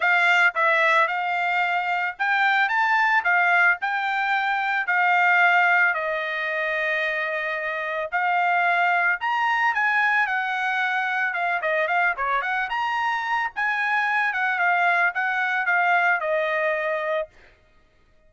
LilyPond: \new Staff \with { instrumentName = "trumpet" } { \time 4/4 \tempo 4 = 111 f''4 e''4 f''2 | g''4 a''4 f''4 g''4~ | g''4 f''2 dis''4~ | dis''2. f''4~ |
f''4 ais''4 gis''4 fis''4~ | fis''4 f''8 dis''8 f''8 cis''8 fis''8 ais''8~ | ais''4 gis''4. fis''8 f''4 | fis''4 f''4 dis''2 | }